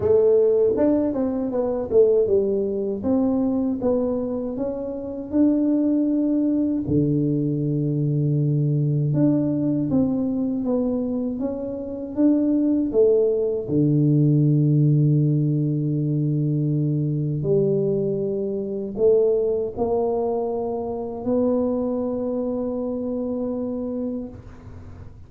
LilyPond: \new Staff \with { instrumentName = "tuba" } { \time 4/4 \tempo 4 = 79 a4 d'8 c'8 b8 a8 g4 | c'4 b4 cis'4 d'4~ | d'4 d2. | d'4 c'4 b4 cis'4 |
d'4 a4 d2~ | d2. g4~ | g4 a4 ais2 | b1 | }